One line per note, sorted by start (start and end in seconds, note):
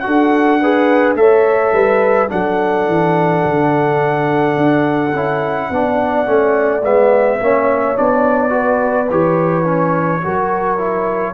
0.00 0.60 F#4
0.00 1.13 F#5
0.07 1.16 D4
0.07 0.62 A4
0.62 1.17 G#4
0.62 1.18 B4
1.16 1.72 A3
1.16 2.29 A4
1.16 1.74 C#5
1.16 2.30 E5
1.73 2.29 G3
1.73 2.31 B4
2.29 2.87 F#3
2.29 5.12 D4
2.29 5.72 A4
2.29 6.84 F#5
2.87 3.44 E3
3.46 4.57 D3
4.57 5.13 D4
5.13 5.70 C#4
5.13 5.73 E4
5.70 6.27 B3
5.70 6.25 D4
5.70 7.42 D5
6.25 6.83 A3
6.25 6.82 C#4
6.83 7.40 G#3
6.83 7.40 B3
6.83 7.98 E5
7.41 7.98 A#3
7.41 7.96 C#4
7.41 8.52 C#5
7.96 9.11 B3
7.96 8.50 D4
7.96 9.11 D5
8.50 9.06 F#4
8.50 10.22 B4
9.11 10.24 E3
9.11 9.65 G4
9.11 11.34 C#5
9.65 10.21 C#4
10.22 11.34 F#3
10.22 10.78 F#4
10.22 11.34 A#4
10.78 11.34 E4